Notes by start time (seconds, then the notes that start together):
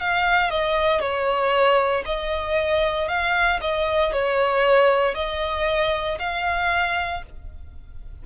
0.00 F5
0.50 D#5
1.00 C#5
2.05 D#5
3.08 F5
3.61 D#5
4.12 C#5
5.14 D#5
6.19 F5